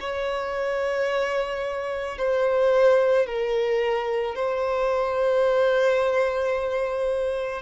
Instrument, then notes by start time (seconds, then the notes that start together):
violin
0.00 C#5
2.18 C5
3.26 A#4
4.35 C5